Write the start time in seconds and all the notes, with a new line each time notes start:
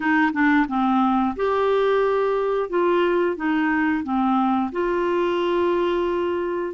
0.00 D#4
0.32 D4
0.67 C4
1.36 G4
2.69 F4
3.36 D#4
4.03 C4
4.72 F4